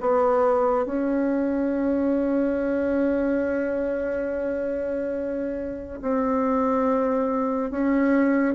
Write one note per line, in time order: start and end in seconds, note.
0.00 0.85 B3
0.85 6.00 C#4
6.01 7.71 C4
7.71 8.54 C#4